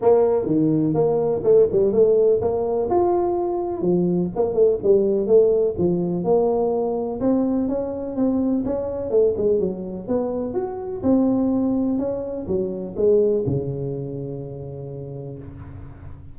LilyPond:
\new Staff \with { instrumentName = "tuba" } { \time 4/4 \tempo 4 = 125 ais4 dis4 ais4 a8 g8 | a4 ais4 f'2 | f4 ais8 a8 g4 a4 | f4 ais2 c'4 |
cis'4 c'4 cis'4 a8 gis8 | fis4 b4 fis'4 c'4~ | c'4 cis'4 fis4 gis4 | cis1 | }